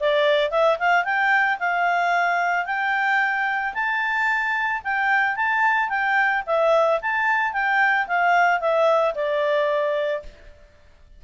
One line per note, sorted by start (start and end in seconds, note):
0.00 0.51 D5
0.51 0.78 E5
0.79 1.04 F5
1.04 1.58 G5
1.59 2.66 F5
2.66 3.74 G5
3.74 4.82 A5
4.84 5.36 G5
5.36 5.89 A5
5.89 6.43 G5
6.46 7.00 E5
7.02 7.53 A5
7.53 8.07 G5
8.07 8.60 F5
8.60 9.14 E5
9.14 10.23 D5